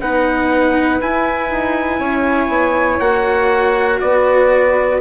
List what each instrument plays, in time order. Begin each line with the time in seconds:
0.00 bassoon B3, cello D#4, flute B4, trumpet F#5
1.00 bassoon E4, cello E4, trumpet G#5
1.50 bassoon D#4
1.99 bassoon C#4, flute C#5
2.48 bassoon B3
2.99 bassoon A#3, cello F#4, trumpet F#5
4.00 bassoon B3, flute B4, trumpet D5